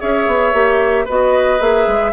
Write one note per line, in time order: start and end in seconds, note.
0.00 0.27 C#4
0.00 0.53 G#4
0.00 1.05 C#5
0.00 1.07 E5
0.27 0.53 B3
0.53 1.06 A#3
0.53 1.06 G4
1.05 1.61 B3
1.05 1.59 F#4
1.05 2.11 B4
1.05 1.61 D#5
1.59 1.87 A#3
1.59 2.12 G#4
1.59 2.13 E5
1.87 2.13 G#3